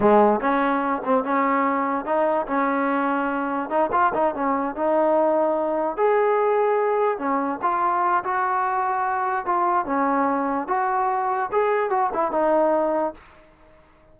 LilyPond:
\new Staff \with { instrumentName = "trombone" } { \time 4/4 \tempo 4 = 146 gis4 cis'4. c'8 cis'4~ | cis'4 dis'4 cis'2~ | cis'4 dis'8 f'8 dis'8 cis'4 dis'8~ | dis'2~ dis'8 gis'4.~ |
gis'4. cis'4 f'4. | fis'2. f'4 | cis'2 fis'2 | gis'4 fis'8 e'8 dis'2 | }